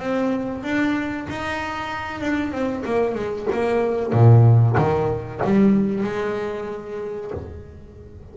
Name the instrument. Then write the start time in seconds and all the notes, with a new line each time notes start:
double bass
0.00 C4
0.64 D4
1.30 D#4
2.21 D4
2.52 C4
2.85 A#3
3.15 G#3
3.53 A#3
4.13 A#2
4.78 D#3
5.45 G3
6.04 G#3